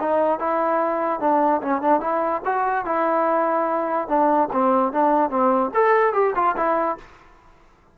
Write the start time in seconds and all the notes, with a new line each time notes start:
0.00 D#4
0.39 E4
1.20 D4
1.62 C#4
1.82 D4
2.00 E4
2.45 F#4
2.85 E4
4.08 D4
4.52 C4
4.93 D4
5.30 C4
5.74 A4
6.13 G4
6.35 F4
6.57 E4